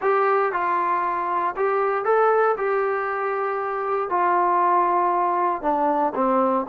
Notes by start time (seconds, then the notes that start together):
0.01 G4
0.52 F4
1.56 G4
2.04 A4
2.57 G4
4.09 F4
5.62 D4
6.14 C4